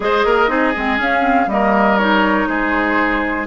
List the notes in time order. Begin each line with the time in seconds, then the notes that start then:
0.00 G#3 G#4 C5 D#5
0.25 A#3 A#4
0.47 C4 D#4 G#4
0.76 G#3 C4
0.96 C#4 F5
1.21 C4
1.46 G3 A#3 A#4 D#5
1.98 D#4 C#5
2.47 G#3 G#4 C5